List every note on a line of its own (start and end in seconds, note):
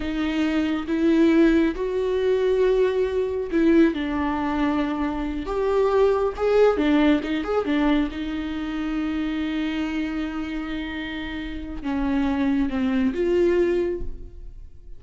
0.00 0.86 D#4
0.87 1.75 E4
1.75 3.50 F#4
3.51 3.94 E4
3.94 5.45 D4
5.45 6.33 G4
6.36 6.77 G#4
6.77 7.20 D4
7.23 7.44 D#4
7.44 7.65 G#4
7.65 8.09 D4
8.11 11.82 D#4
11.82 12.69 C#4
12.69 13.13 C4
13.13 14.01 F4